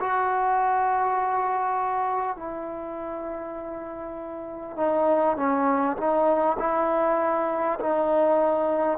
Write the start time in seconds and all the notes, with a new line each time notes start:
0.00 F#4
2.36 E4
4.77 D#4
5.36 C#4
5.97 D#4
6.59 E4
7.80 D#4